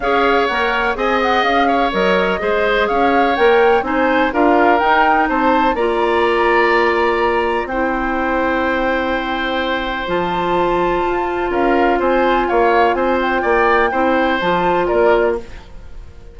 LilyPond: <<
  \new Staff \with { instrumentName = "flute" } { \time 4/4 \tempo 4 = 125 f''4 fis''4 gis''8 fis''8 f''4 | dis''2 f''4 g''4 | gis''4 f''4 g''4 a''4 | ais''1 |
g''1~ | g''4 a''2. | f''4 gis''4 f''4 gis''8 g''8~ | g''2 a''4 d''4 | }
  \new Staff \with { instrumentName = "oboe" } { \time 4/4 cis''2 dis''4. cis''8~ | cis''4 c''4 cis''2 | c''4 ais'2 c''4 | d''1 |
c''1~ | c''1 | ais'4 c''4 cis''4 c''4 | d''4 c''2 ais'4 | }
  \new Staff \with { instrumentName = "clarinet" } { \time 4/4 gis'4 ais'4 gis'2 | ais'4 gis'2 ais'4 | dis'4 f'4 dis'2 | f'1 |
e'1~ | e'4 f'2.~ | f'1~ | f'4 e'4 f'2 | }
  \new Staff \with { instrumentName = "bassoon" } { \time 4/4 cis'4 ais4 c'4 cis'4 | fis4 gis4 cis'4 ais4 | c'4 d'4 dis'4 c'4 | ais1 |
c'1~ | c'4 f2 f'4 | cis'4 c'4 ais4 c'4 | ais4 c'4 f4 ais4 | }
>>